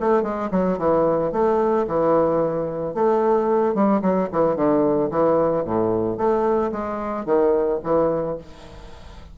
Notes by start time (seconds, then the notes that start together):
0.00 A3
0.22 G#3
0.51 F#3
0.78 E3
1.32 A3
1.87 E3
2.94 A3
3.74 G3
4.01 F#3
4.32 E3
4.56 D3
5.10 E3
5.64 A2
6.17 A3
6.71 G#3
7.25 D#3
7.83 E3